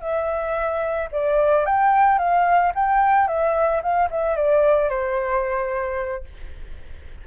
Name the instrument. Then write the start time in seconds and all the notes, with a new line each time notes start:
flute
0.00 E5
1.11 D5
1.65 G5
2.18 F5
2.74 G5
3.27 E5
3.82 F5
4.10 E5
4.36 D5
4.89 C5